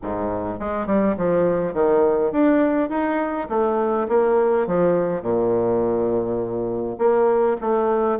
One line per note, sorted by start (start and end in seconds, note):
0.02 0.59 G#2
0.59 0.86 G#3
0.86 1.15 G3
1.17 1.73 F3
1.73 2.31 D#3
2.32 2.89 D4
2.89 3.48 D#4
3.49 4.07 A3
4.08 4.66 A#3
4.66 5.22 F3
5.22 6.96 A#2
6.98 7.56 A#3
7.60 8.19 A3